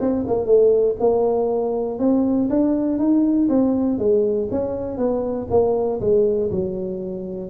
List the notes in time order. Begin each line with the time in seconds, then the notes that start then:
0.00 C4
0.27 A#3
0.46 A3
1.00 A#3
1.99 C4
2.50 D4
2.98 D#4
3.49 C4
3.99 G#3
4.51 C#4
4.97 B3
5.50 A#3
6.00 G#3
6.51 F#3